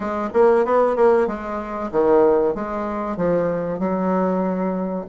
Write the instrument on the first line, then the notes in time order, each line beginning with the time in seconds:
bassoon
0.00 G#3
0.33 A#3
0.65 B3
0.96 A#3
1.27 G#3
1.91 D#3
2.54 G#3
3.16 F3
3.79 F#3